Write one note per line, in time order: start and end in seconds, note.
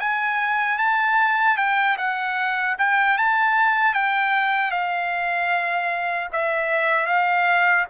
0.00 0.79 G#5
0.79 1.58 A5
1.58 1.97 G5
1.98 2.77 F#5
2.79 3.18 G5
3.18 3.94 A5
3.94 4.72 G5
4.72 6.29 F5
6.33 7.07 E5
7.07 7.86 F5